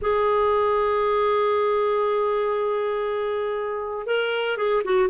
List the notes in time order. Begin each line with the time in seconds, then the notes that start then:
0.01 G#4
4.06 A#4
4.57 G#4
4.84 F#4